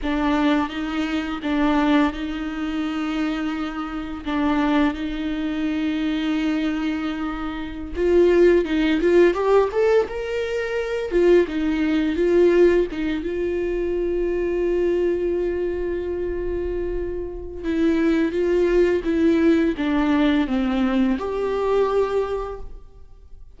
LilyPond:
\new Staff \with { instrumentName = "viola" } { \time 4/4 \tempo 4 = 85 d'4 dis'4 d'4 dis'4~ | dis'2 d'4 dis'4~ | dis'2.~ dis'16 f'8.~ | f'16 dis'8 f'8 g'8 a'8 ais'4. f'16~ |
f'16 dis'4 f'4 dis'8 f'4~ f'16~ | f'1~ | f'4 e'4 f'4 e'4 | d'4 c'4 g'2 | }